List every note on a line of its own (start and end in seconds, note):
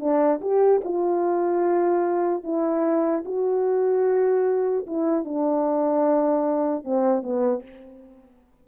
0.00 0.40 D4
0.42 0.82 G4
0.84 2.44 F4
2.44 3.24 E4
3.25 4.86 F#4
4.87 5.25 E4
5.25 6.85 D4
6.85 7.23 C4
7.23 7.63 B3